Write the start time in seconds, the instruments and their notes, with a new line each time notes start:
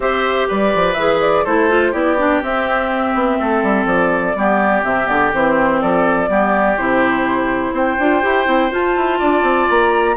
0.00 bassoon C4, clarinet G4, oboe C5, flute E5
0.48 bassoon G3, oboe B4, flute D5
0.75 bassoon F3
0.93 bassoon E3, clarinet G#4, flute E5
1.21 flute D5
1.44 bassoon A3, clarinet E4, oboe A4, flute C5
1.69 clarinet F4
1.91 bassoon B3, clarinet E4, oboe G4, flute D5
2.18 clarinet D4
2.42 clarinet C4, bassoon C4, flute E5
3.14 bassoon B3
3.39 bassoon A3, oboe A4
3.62 bassoon G3
3.85 bassoon F3, flute D5
4.35 bassoon G3, clarinet B3, oboe G4
4.82 bassoon C3, clarinet C4, flute E5
5.06 bassoon D3, clarinet B3, flute D5
5.33 bassoon E3, clarinet C4, flute C5
5.81 bassoon F3, oboe A4, flute D5
6.28 bassoon G3, clarinet B3, oboe G4
6.77 bassoon C3, clarinet E4, flute C5
7.72 bassoon C4, oboe C5, flute G5
7.99 bassoon D4, clarinet F4
8.21 bassoon E4, clarinet G4
8.45 bassoon C4, clarinet E4
8.70 clarinet F4, bassoon F4, flute A5
8.96 bassoon E4
9.18 bassoon D4, oboe D5
9.42 bassoon C4
9.69 bassoon A#3, flute A#5